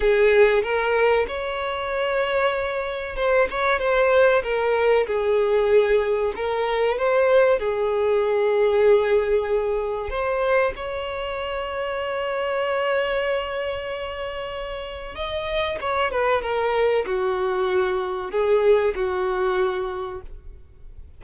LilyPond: \new Staff \with { instrumentName = "violin" } { \time 4/4 \tempo 4 = 95 gis'4 ais'4 cis''2~ | cis''4 c''8 cis''8 c''4 ais'4 | gis'2 ais'4 c''4 | gis'1 |
c''4 cis''2.~ | cis''1 | dis''4 cis''8 b'8 ais'4 fis'4~ | fis'4 gis'4 fis'2 | }